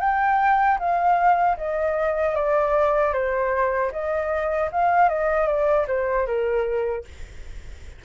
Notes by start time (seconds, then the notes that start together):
0.00 G5
0.79 F5
1.57 D#5
2.35 D5
3.13 C5
3.92 D#5
4.72 F5
5.09 D#5
5.47 D5
5.87 C5
6.26 A#4